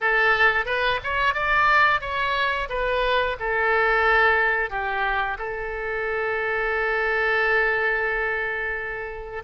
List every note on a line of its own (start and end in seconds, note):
0.00 0.65 A4
0.65 0.99 B4
1.03 1.34 C#5
1.34 2.00 D5
2.00 2.68 C#5
2.69 3.36 B4
3.39 4.70 A4
4.70 5.37 G4
5.38 9.43 A4